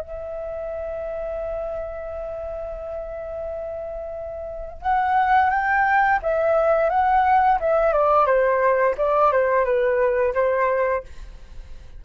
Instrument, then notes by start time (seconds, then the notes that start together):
flute
0.00 E5
4.82 F#5
5.50 G5
6.22 E5
6.89 F#5
7.60 E5
7.92 D5
8.26 C5
8.97 D5
9.32 C5
9.65 B4
10.34 C5